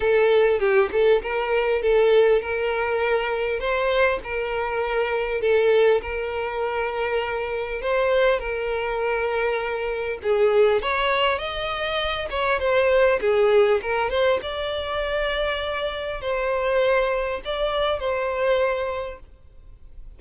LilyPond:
\new Staff \with { instrumentName = "violin" } { \time 4/4 \tempo 4 = 100 a'4 g'8 a'8 ais'4 a'4 | ais'2 c''4 ais'4~ | ais'4 a'4 ais'2~ | ais'4 c''4 ais'2~ |
ais'4 gis'4 cis''4 dis''4~ | dis''8 cis''8 c''4 gis'4 ais'8 c''8 | d''2. c''4~ | c''4 d''4 c''2 | }